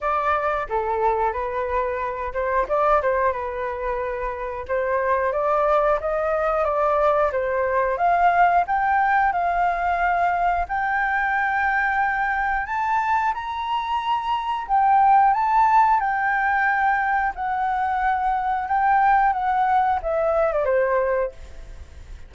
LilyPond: \new Staff \with { instrumentName = "flute" } { \time 4/4 \tempo 4 = 90 d''4 a'4 b'4. c''8 | d''8 c''8 b'2 c''4 | d''4 dis''4 d''4 c''4 | f''4 g''4 f''2 |
g''2. a''4 | ais''2 g''4 a''4 | g''2 fis''2 | g''4 fis''4 e''8. d''16 c''4 | }